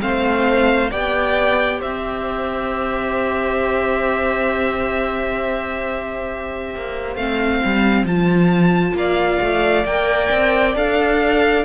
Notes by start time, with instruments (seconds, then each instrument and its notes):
0.00 cello A3, viola C4, violin C5 F5
0.90 cello B3, viola G4, violin D5 G5
1.79 cello C4, violin C5 E5
6.75 cello A#3
7.15 cello A3, viola C4, violin F5
7.65 cello G3
8.03 cello F3, viola F4, violin A5
8.93 cello A#3, violin D5 F5
9.41 cello A3
9.85 cello A#3, viola A#4, violin G5
10.30 cello C4
10.75 cello D4, viola A4, violin F5